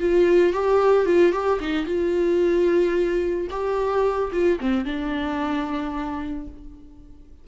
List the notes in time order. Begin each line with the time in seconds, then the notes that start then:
0.00 F4
0.53 G4
1.06 F4
1.32 G4
1.61 D#4
1.86 F4
3.50 G4
4.32 F4
4.60 C4
4.86 D4